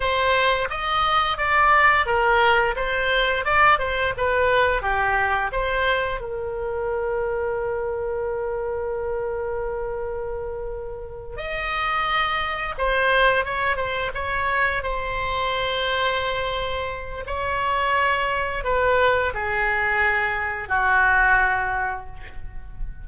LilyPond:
\new Staff \with { instrumentName = "oboe" } { \time 4/4 \tempo 4 = 87 c''4 dis''4 d''4 ais'4 | c''4 d''8 c''8 b'4 g'4 | c''4 ais'2.~ | ais'1~ |
ais'8 dis''2 c''4 cis''8 | c''8 cis''4 c''2~ c''8~ | c''4 cis''2 b'4 | gis'2 fis'2 | }